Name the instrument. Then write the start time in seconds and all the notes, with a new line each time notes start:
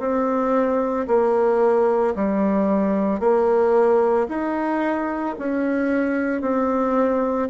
bassoon
0.00 C4
1.08 A#3
2.16 G3
3.20 A#3
4.29 D#4
5.39 C#4
6.42 C4